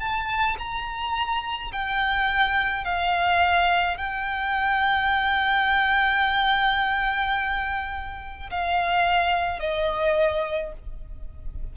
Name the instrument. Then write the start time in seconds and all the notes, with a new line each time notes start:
violin
0.00 A5
0.59 A#5
1.72 G5
2.85 F5
3.98 G5
8.51 F5
9.60 D#5